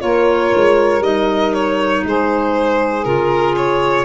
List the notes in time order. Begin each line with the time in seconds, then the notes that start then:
0.00 A#3 F4 A#4 C#5
0.56 G#3
1.00 G3 D#4 D#5
1.54 C#5
2.04 G#3 G#4 C5
3.04 C#3 F4 A#4
3.57 C#5